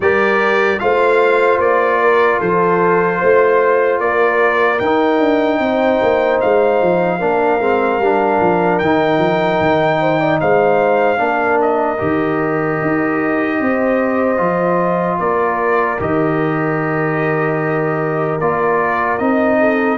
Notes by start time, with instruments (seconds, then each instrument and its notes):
0.00 tuba G3, trombone G4, horn A#4, trumpet D5
0.79 tuba A3, trombone F4, horn C5, trumpet F5
1.59 tuba A#3, trumpet D5
2.01 horn A#4
2.39 tuba F3, horn A4, trumpet C5
3.19 tuba A3, horn C5
3.99 tuba A#3, horn A#4, trumpet D5
4.79 tuba D#4, trombone D#4, trumpet G5
5.19 tuba D4
5.59 tuba C4, horn C5
6.02 tuba A#3
6.41 tuba G#3, trumpet F5
6.81 tuba F3
7.19 tuba A#3, trombone D4, horn A#4
7.59 tuba G#3, trombone C4
7.99 tuba G3, trombone D4
8.40 tuba F3
8.78 tuba D#3, trombone D#4, trumpet G5
9.18 tuba F3
9.60 tuba D#3
10.00 horn C5
10.20 horn D5
10.40 tuba G#3, horn C5, trumpet F5
11.17 tuba A#3, trombone D4, horn A#4
11.61 trumpet D#5
11.98 tuba D#3, trombone G4
12.81 tuba D#4
13.59 tuba C4, horn C5
14.36 tuba F3, trombone F4
15.19 tuba A#3, horn A#4, trumpet D5
15.99 tuba D#3, trombone G4, trumpet D#5
18.39 tuba A#3, trombone F4, trumpet D5
19.18 tuba C4, trombone D#4, trumpet D#5
19.59 horn A4